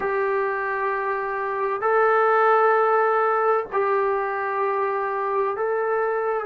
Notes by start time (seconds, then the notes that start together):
0.00 G4
1.81 A4
3.72 G4
5.56 A4